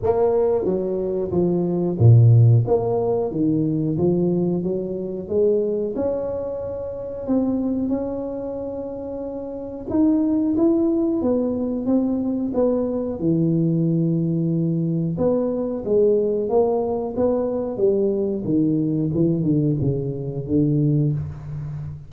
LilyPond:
\new Staff \with { instrumentName = "tuba" } { \time 4/4 \tempo 4 = 91 ais4 fis4 f4 ais,4 | ais4 dis4 f4 fis4 | gis4 cis'2 c'4 | cis'2. dis'4 |
e'4 b4 c'4 b4 | e2. b4 | gis4 ais4 b4 g4 | dis4 e8 d8 cis4 d4 | }